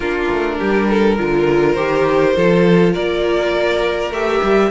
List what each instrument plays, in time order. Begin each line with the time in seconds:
0.00 cello A#3, viola D4, violin F4 A#4
0.30 cello A3
0.58 cello G3, violin G4
0.89 violin A4
1.18 cello D3, viola F4, violin A#4
1.73 cello D#3, viola G4, violin C5
2.34 cello F3, viola F4, violin A4
2.93 cello A#3, violin A#4 D5
4.10 cello A3, viola G4, violin E5
4.42 cello G3